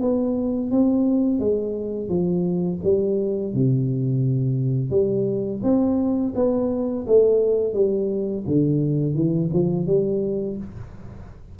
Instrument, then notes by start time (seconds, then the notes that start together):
tuba
0.00 B3
0.71 C4
1.39 G#3
2.08 F3
2.83 G3
3.53 C3
4.90 G3
5.62 C4
6.35 B3
7.07 A3
7.73 G3
8.47 D3
9.14 E3
9.53 F3
9.86 G3